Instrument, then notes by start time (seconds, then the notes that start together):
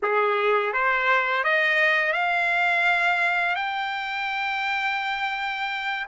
trumpet
0.02 G#4
0.73 C5
1.44 D#5
2.12 F5
3.55 G5